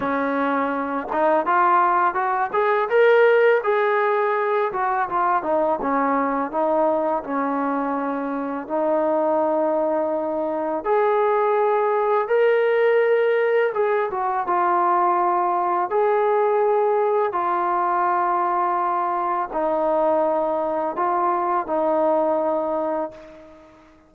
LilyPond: \new Staff \with { instrumentName = "trombone" } { \time 4/4 \tempo 4 = 83 cis'4. dis'8 f'4 fis'8 gis'8 | ais'4 gis'4. fis'8 f'8 dis'8 | cis'4 dis'4 cis'2 | dis'2. gis'4~ |
gis'4 ais'2 gis'8 fis'8 | f'2 gis'2 | f'2. dis'4~ | dis'4 f'4 dis'2 | }